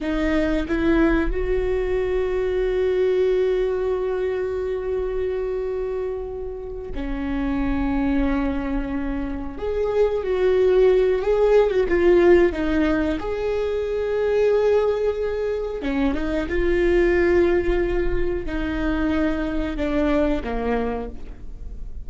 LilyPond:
\new Staff \with { instrumentName = "viola" } { \time 4/4 \tempo 4 = 91 dis'4 e'4 fis'2~ | fis'1~ | fis'2~ fis'8 cis'4.~ | cis'2~ cis'8 gis'4 fis'8~ |
fis'4 gis'8. fis'16 f'4 dis'4 | gis'1 | cis'8 dis'8 f'2. | dis'2 d'4 ais4 | }